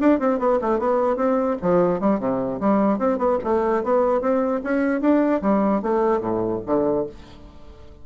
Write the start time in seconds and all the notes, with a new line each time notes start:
0.00 D4
0.20 C4
0.39 B3
0.62 A3
0.79 B3
1.16 C4
1.62 F3
2.00 G3
2.20 C3
2.60 G3
2.99 C4
3.18 B3
3.44 A3
3.83 B3
4.21 C4
4.64 C#4
5.01 D4
5.42 G3
5.82 A3
6.21 A2
6.66 D3